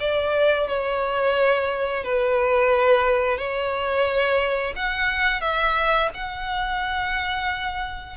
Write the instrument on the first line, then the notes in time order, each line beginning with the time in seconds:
violin
0.00 D5
0.68 C#5
2.04 B4
3.38 C#5
4.76 F#5
5.41 E5
6.14 F#5